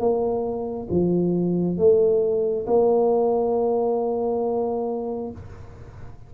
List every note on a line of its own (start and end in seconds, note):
0.00 0.88 A#3
0.91 1.78 F3
1.78 2.67 A3
2.67 5.32 A#3